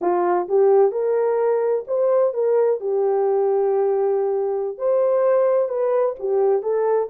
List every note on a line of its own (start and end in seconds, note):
0.01 0.48 F4
0.48 0.91 G4
0.91 1.84 A#4
1.87 2.33 C5
2.33 2.80 A#4
2.80 4.78 G4
4.78 5.68 C5
5.68 6.15 B4
6.19 6.62 G4
6.62 7.08 A4